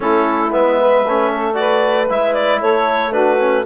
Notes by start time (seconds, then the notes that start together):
0.00 A3 C#4 E4 A4
0.51 G#3 B3 E5
0.80 B4
1.06 A3 C#4
1.33 A4
1.54 F#4 B4 D5
2.09 G#3 E4 E5
2.33 D5
2.59 A3 A4 C#5
3.11 D4 F#4 B4
3.38 C#4